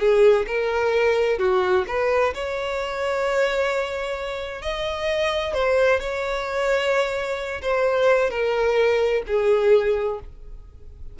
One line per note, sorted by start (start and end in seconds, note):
0.00 0.46 G#4
0.47 1.39 A#4
1.39 1.85 F#4
1.88 2.34 B4
2.34 4.62 C#5
4.62 5.54 D#5
5.54 6.00 C5
6.00 7.62 C#5
7.62 8.31 C5
8.31 9.23 A#4
9.27 10.20 G#4